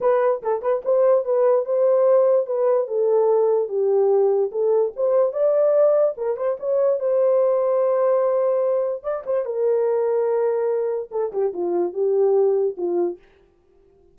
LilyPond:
\new Staff \with { instrumentName = "horn" } { \time 4/4 \tempo 4 = 146 b'4 a'8 b'8 c''4 b'4 | c''2 b'4 a'4~ | a'4 g'2 a'4 | c''4 d''2 ais'8 c''8 |
cis''4 c''2.~ | c''2 d''8 c''8 ais'4~ | ais'2. a'8 g'8 | f'4 g'2 f'4 | }